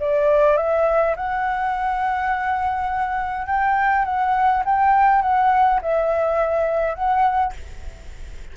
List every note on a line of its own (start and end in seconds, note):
0.00 0.57 D5
0.57 1.15 E5
1.16 3.47 F#5
3.47 4.05 G5
4.05 4.64 F#5
4.65 5.22 G5
5.22 5.80 F#5
5.82 6.95 E5
6.95 7.53 F#5